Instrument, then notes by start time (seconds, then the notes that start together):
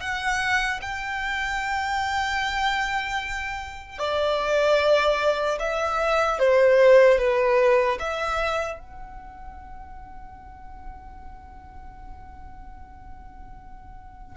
violin
0.00 F#5
0.81 G5
3.99 D5
5.59 E5
6.39 C5
7.18 B4
7.99 E5
8.79 F#5